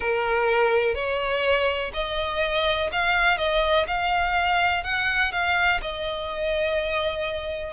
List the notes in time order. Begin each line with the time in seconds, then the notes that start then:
0.00 A#4
0.94 C#5
1.93 D#5
2.92 F5
3.37 D#5
3.87 F5
4.83 F#5
5.31 F5
5.81 D#5